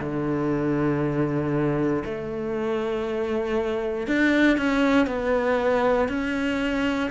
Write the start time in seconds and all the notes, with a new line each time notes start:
0.00 D3
2.05 A3
4.07 D4
4.57 C#4
5.07 B3
6.08 C#4